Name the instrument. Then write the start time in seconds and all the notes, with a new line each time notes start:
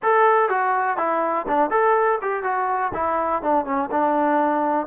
trombone
0.02 A4
0.49 F#4
0.97 E4
1.47 D4
1.70 A4
2.21 G4
2.43 F#4
2.94 E4
3.42 D4
3.65 C#4
3.91 D4